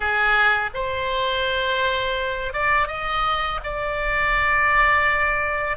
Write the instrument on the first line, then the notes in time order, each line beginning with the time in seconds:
oboe
0.00 G#4
0.74 C5
2.53 D5
2.87 D#5
3.63 D5